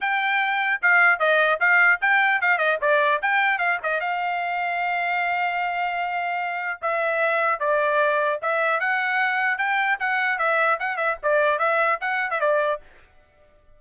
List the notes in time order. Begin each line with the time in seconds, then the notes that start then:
0.00 G5
0.82 F5
1.19 D#5
1.60 F5
2.01 G5
2.41 F5
2.57 D#5
2.81 D5
3.21 G5
3.58 F5
3.83 D#5
4.00 F5
6.81 E5
7.59 D5
8.41 E5
8.80 F#5
9.58 G5
9.99 F#5
10.38 E5
10.79 F#5
10.96 E5
11.22 D5
11.59 E5
12.00 F#5
12.30 E5
12.40 D5